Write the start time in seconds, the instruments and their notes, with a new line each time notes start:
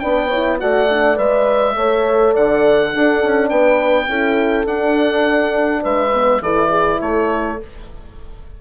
0.00 bassoon B3, horn D4 B4, oboe G5
0.28 horn E4 C#5
0.60 bassoon A3, horn F#4 D5, oboe F#5
0.90 horn D4
1.17 bassoon G#3, horn B4, oboe E5
1.75 bassoon A3, horn A4 C#5
2.34 bassoon D3, horn D5, oboe F#5
2.92 horn D4 A4, bassoon D4
3.24 bassoon C#4
3.50 bassoon B3, horn B4, oboe G5
4.08 bassoon C#4, horn E4 A4
4.65 horn D4, bassoon D4, oboe F#5
5.83 bassoon G#3, horn B4, oboe E5
6.14 horn B3
6.42 bassoon E3, horn E4 A4, oboe D5
6.70 horn G#4
7.01 bassoon A3, horn A4, oboe C#5